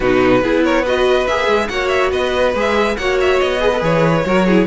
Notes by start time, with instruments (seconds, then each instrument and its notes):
0.00 cello B2, viola D#4, violin F#4 B4
0.41 cello B3, viola E4, violin G#4
0.64 violin A#4 C#5
0.82 viola F#4, violin B4 D#5
1.27 cello A#3, viola G#4, violin E5
1.47 cello G#3
1.68 cello A#3, viola F#4, violin C#5 F#5
1.88 violin E5
2.11 cello B3, violin B4 D#5
2.54 cello G#3, viola G#4, violin E5
2.96 cello A#3, viola F#4, violin C#5 F#5
3.20 violin E5
3.40 cello B3, violin D#5
3.60 viola G#4, violin B4
3.73 viola G#4 A4
3.81 cello E3, violin C#5
4.25 cello F#3, viola F#4, violin A#4
4.46 viola E4, violin G#4